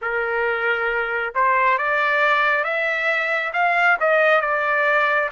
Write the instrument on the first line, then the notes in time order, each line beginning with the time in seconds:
trumpet
0.01 A#4
1.35 C5
1.78 D5
2.64 E5
3.53 F5
3.99 D#5
4.41 D5